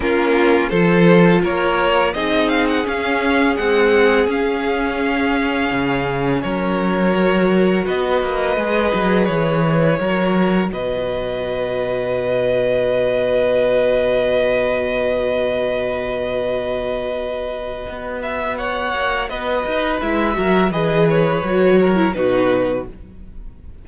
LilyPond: <<
  \new Staff \with { instrumentName = "violin" } { \time 4/4 \tempo 4 = 84 ais'4 c''4 cis''4 dis''8 f''16 fis''16 | f''4 fis''4 f''2~ | f''4 cis''2 dis''4~ | dis''4 cis''2 dis''4~ |
dis''1~ | dis''1~ | dis''4. e''8 fis''4 dis''4 | e''4 dis''8 cis''4. b'4 | }
  \new Staff \with { instrumentName = "violin" } { \time 4/4 f'4 a'4 ais'4 gis'4~ | gis'1~ | gis'4 ais'2 b'4~ | b'2 ais'4 b'4~ |
b'1~ | b'1~ | b'2 cis''4 b'4~ | b'8 ais'8 b'4. ais'8 fis'4 | }
  \new Staff \with { instrumentName = "viola" } { \time 4/4 cis'4 f'2 dis'4 | cis'4 gis4 cis'2~ | cis'2 fis'2 | gis'2 fis'2~ |
fis'1~ | fis'1~ | fis'1 | e'8 fis'8 gis'4 fis'8. e'16 dis'4 | }
  \new Staff \with { instrumentName = "cello" } { \time 4/4 ais4 f4 ais4 c'4 | cis'4 c'4 cis'2 | cis4 fis2 b8 ais8 | gis8 fis8 e4 fis4 b,4~ |
b,1~ | b,1~ | b,4 b4. ais8 b8 dis'8 | gis8 fis8 e4 fis4 b,4 | }
>>